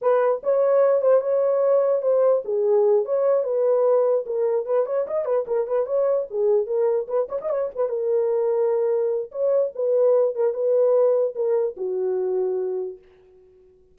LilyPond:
\new Staff \with { instrumentName = "horn" } { \time 4/4 \tempo 4 = 148 b'4 cis''4. c''8 cis''4~ | cis''4 c''4 gis'4. cis''8~ | cis''8 b'2 ais'4 b'8 | cis''8 dis''8 b'8 ais'8 b'8 cis''4 gis'8~ |
gis'8 ais'4 b'8 cis''16 dis''16 cis''8 b'8 ais'8~ | ais'2. cis''4 | b'4. ais'8 b'2 | ais'4 fis'2. | }